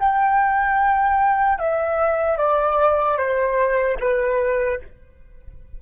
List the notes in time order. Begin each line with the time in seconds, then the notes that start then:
0.00 G5
1.59 E5
2.37 D5
3.17 C5
4.00 B4